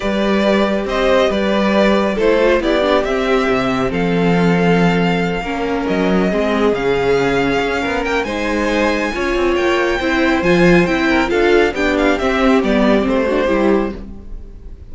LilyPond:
<<
  \new Staff \with { instrumentName = "violin" } { \time 4/4 \tempo 4 = 138 d''2 dis''4 d''4~ | d''4 c''4 d''4 e''4~ | e''4 f''2.~ | f''4. dis''2 f''8~ |
f''2~ f''8 g''8 gis''4~ | gis''2 g''2 | gis''4 g''4 f''4 g''8 f''8 | e''4 d''4 c''2 | }
  \new Staff \with { instrumentName = "violin" } { \time 4/4 b'2 c''4 b'4~ | b'4 a'4 g'2~ | g'4 a'2.~ | a'8 ais'2 gis'4.~ |
gis'2 ais'4 c''4~ | c''4 cis''2 c''4~ | c''4. ais'8 a'4 g'4~ | g'2~ g'8 fis'8 g'4 | }
  \new Staff \with { instrumentName = "viola" } { \time 4/4 g'1~ | g'4 e'8 f'8 e'8 d'8 c'4~ | c'1~ | c'8 cis'2 c'4 cis'8~ |
cis'2. dis'4~ | dis'4 f'2 e'4 | f'4 e'4 f'4 d'4 | c'4 b4 c'8 d'8 e'4 | }
  \new Staff \with { instrumentName = "cello" } { \time 4/4 g2 c'4 g4~ | g4 a4 b4 c'4 | c4 f2.~ | f8 ais4 fis4 gis4 cis8~ |
cis4. cis'8 b8 ais8 gis4~ | gis4 cis'8 c'8 ais4 c'4 | f4 c'4 d'4 b4 | c'4 g4 a4 g4 | }
>>